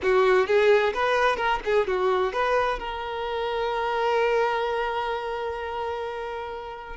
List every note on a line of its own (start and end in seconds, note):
0.02 0.47 F#4
0.47 0.93 G#4
0.93 1.36 B4
1.36 1.59 A#4
1.64 1.87 G#4
1.87 2.33 F#4
2.33 2.79 B4
2.79 6.96 A#4